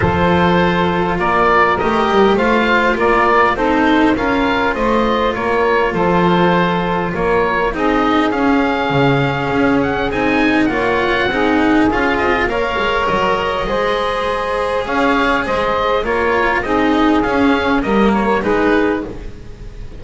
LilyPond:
<<
  \new Staff \with { instrumentName = "oboe" } { \time 4/4 \tempo 4 = 101 c''2 d''4 dis''4 | f''4 d''4 c''4 f''4 | dis''4 cis''4 c''2 | cis''4 dis''4 f''2~ |
f''8 fis''8 gis''4 fis''2 | f''8 dis''8 f''4 dis''2~ | dis''4 f''4 dis''4 cis''4 | dis''4 f''4 dis''8 cis''8 b'4 | }
  \new Staff \with { instrumentName = "saxophone" } { \time 4/4 a'2 ais'2 | c''4 ais'4 a'4 ais'4 | c''4 ais'4 a'2 | ais'4 gis'2.~ |
gis'2 cis''4 gis'4~ | gis'4 cis''2 c''4~ | c''4 cis''4 c''4 ais'4 | gis'2 ais'4 gis'4 | }
  \new Staff \with { instrumentName = "cello" } { \time 4/4 f'2. g'4 | f'2 dis'4 f'4~ | f'1~ | f'4 dis'4 cis'2~ |
cis'4 dis'4 f'4 dis'4 | f'4 ais'2 gis'4~ | gis'2. f'4 | dis'4 cis'4 ais4 dis'4 | }
  \new Staff \with { instrumentName = "double bass" } { \time 4/4 f2 ais4 a8 g8 | a4 ais4 c'4 cis'4 | a4 ais4 f2 | ais4 c'4 cis'4 cis4 |
cis'4 c'4 ais4 c'4 | cis'8 c'8 ais8 gis8 fis4 gis4~ | gis4 cis'4 gis4 ais4 | c'4 cis'4 g4 gis4 | }
>>